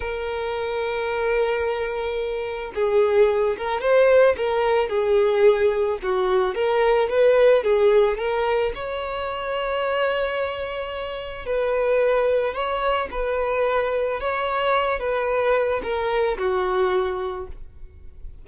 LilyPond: \new Staff \with { instrumentName = "violin" } { \time 4/4 \tempo 4 = 110 ais'1~ | ais'4 gis'4. ais'8 c''4 | ais'4 gis'2 fis'4 | ais'4 b'4 gis'4 ais'4 |
cis''1~ | cis''4 b'2 cis''4 | b'2 cis''4. b'8~ | b'4 ais'4 fis'2 | }